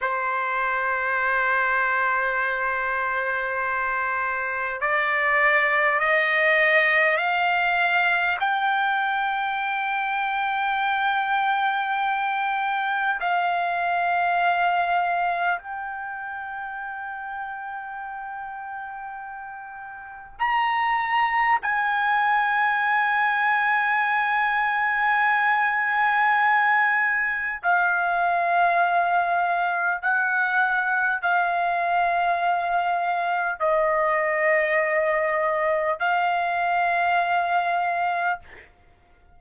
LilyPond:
\new Staff \with { instrumentName = "trumpet" } { \time 4/4 \tempo 4 = 50 c''1 | d''4 dis''4 f''4 g''4~ | g''2. f''4~ | f''4 g''2.~ |
g''4 ais''4 gis''2~ | gis''2. f''4~ | f''4 fis''4 f''2 | dis''2 f''2 | }